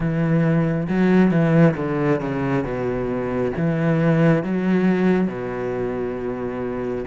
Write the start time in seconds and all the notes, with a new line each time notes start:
0.00 E3
0.88 F#3
1.31 E3
1.76 D3
2.20 C#3
2.64 B2
3.56 E3
4.43 F#3
5.27 B2